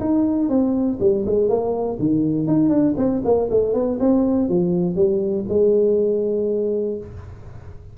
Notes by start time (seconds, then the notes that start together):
0.00 D#4
0.49 C4
1.00 G3
1.26 G#3
1.49 A#3
1.99 D#3
2.47 D#4
2.70 D4
2.98 C4
3.25 A#3
3.50 A3
3.74 B3
4.00 C4
4.49 F3
4.96 G3
5.49 G#3